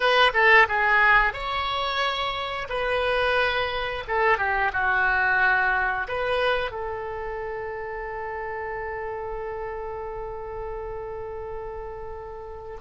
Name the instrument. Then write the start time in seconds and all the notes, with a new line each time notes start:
oboe
0.00 B4
0.33 A4
0.68 G#4
1.33 C#5
2.69 B4
4.07 A4
4.38 G4
4.73 F#4
6.07 B4
6.71 A4